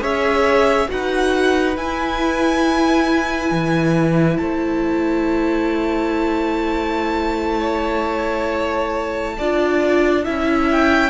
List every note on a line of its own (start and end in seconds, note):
0.00 0.88 C#4
0.00 0.87 G#4
0.00 0.89 C#5
0.00 0.90 E5
0.87 1.77 D#4
0.87 1.74 F#4
0.87 4.41 B4
0.87 1.76 F#5
1.76 3.51 E4
1.76 9.38 E4
1.76 4.37 G#5
3.51 4.38 E3
4.37 9.39 A3
4.37 7.60 C5
4.37 10.67 A5
7.60 9.34 C#5
9.38 10.26 D4
9.38 10.25 F4
9.38 10.24 D5
10.24 11.10 C#4
10.24 11.10 E4
10.24 11.10 E5
10.72 11.10 G5